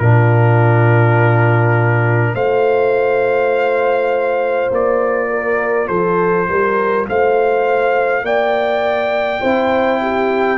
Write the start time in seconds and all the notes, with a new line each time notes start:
0.00 A#2 D4 F4 A#4
2.34 A3 F4 C5 F5
4.71 A#3 D5
5.30 A#4
5.88 F3 A4 C5
6.49 G3 A#4
7.09 A3 C5 F5
8.23 A#3 D5 G5
9.41 C4 E4 C5
10.02 G4